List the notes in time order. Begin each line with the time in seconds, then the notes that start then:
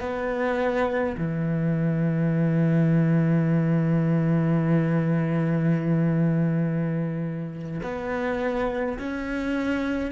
0.00 B3
1.17 E3
7.83 B3
8.98 C#4